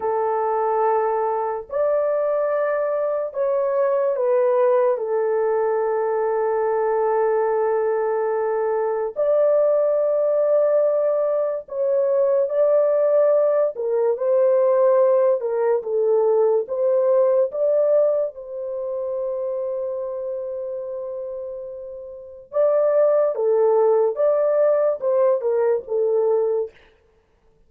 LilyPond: \new Staff \with { instrumentName = "horn" } { \time 4/4 \tempo 4 = 72 a'2 d''2 | cis''4 b'4 a'2~ | a'2. d''4~ | d''2 cis''4 d''4~ |
d''8 ais'8 c''4. ais'8 a'4 | c''4 d''4 c''2~ | c''2. d''4 | a'4 d''4 c''8 ais'8 a'4 | }